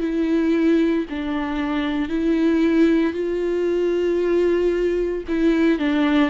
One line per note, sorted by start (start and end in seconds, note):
0.00 1.05 E4
1.09 2.08 D4
2.08 3.13 E4
3.13 5.23 F4
5.27 5.78 E4
5.78 6.30 D4